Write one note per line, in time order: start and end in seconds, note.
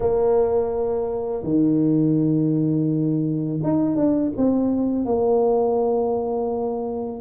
0.00 1.43 A#3
1.43 3.60 D#3
3.63 3.95 D#4
3.95 4.31 D4
4.36 5.05 C4
5.05 7.21 A#3